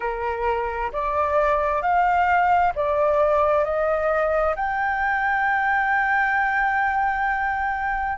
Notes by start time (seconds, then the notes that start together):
0.00 A#4
0.92 D5
1.82 F5
2.75 D5
3.64 D#5
4.55 G5